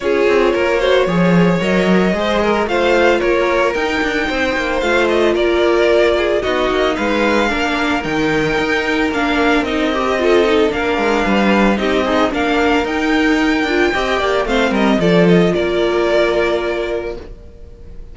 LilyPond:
<<
  \new Staff \with { instrumentName = "violin" } { \time 4/4 \tempo 4 = 112 cis''2. dis''4~ | dis''4 f''4 cis''4 g''4~ | g''4 f''8 dis''8 d''2 | dis''4 f''2 g''4~ |
g''4 f''4 dis''2 | f''2 dis''4 f''4 | g''2. f''8 dis''8 | d''8 dis''8 d''2. | }
  \new Staff \with { instrumentName = "violin" } { \time 4/4 gis'4 ais'8 c''8 cis''2 | c''8 ais'8 c''4 ais'2 | c''2 ais'4. gis'8 | fis'4 b'4 ais'2~ |
ais'2. a'4 | ais'4 b'4 g'8 dis'8 ais'4~ | ais'2 dis''8 d''8 c''8 ais'8 | a'4 ais'2. | }
  \new Staff \with { instrumentName = "viola" } { \time 4/4 f'4. fis'8 gis'4 ais'4 | gis'4 f'2 dis'4~ | dis'4 f'2. | dis'2 d'4 dis'4~ |
dis'4 d'4 dis'8 g'8 f'8 dis'8 | d'2 dis'8 gis'8 d'4 | dis'4. f'8 g'4 c'4 | f'1 | }
  \new Staff \with { instrumentName = "cello" } { \time 4/4 cis'8 c'8 ais4 f4 fis4 | gis4 a4 ais4 dis'8 d'8 | c'8 ais8 a4 ais2 | b8 ais8 gis4 ais4 dis4 |
dis'4 ais4 c'2 | ais8 gis8 g4 c'4 ais4 | dis'4. d'8 c'8 ais8 a8 g8 | f4 ais2. | }
>>